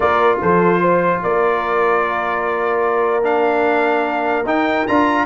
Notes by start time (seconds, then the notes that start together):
0.00 A#3 F4 A#4 D5
0.41 F3 A4 C5
0.80 C5
1.22 A#3 A#4 D5
3.23 D4 F5
4.44 D#4 G5
4.87 D4 F4 A#5